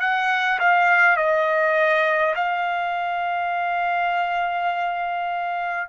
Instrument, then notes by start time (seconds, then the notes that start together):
trumpet
0.00 F#5
0.60 F5
1.17 D#5
2.36 F5